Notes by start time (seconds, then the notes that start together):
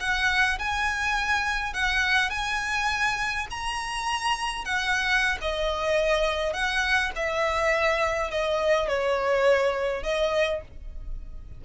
0.00 F#5
0.59 G#5
1.74 F#5
2.30 G#5
3.50 A#5
4.65 F#5
5.41 D#5
6.53 F#5
7.16 E5
8.31 D#5
8.88 C#5
10.03 D#5